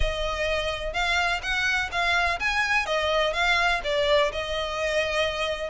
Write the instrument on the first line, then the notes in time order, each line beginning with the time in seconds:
violin
0.00 D#5
0.93 F5
1.42 F#5
1.91 F5
2.39 G#5
2.85 D#5
3.33 F5
3.83 D5
4.32 D#5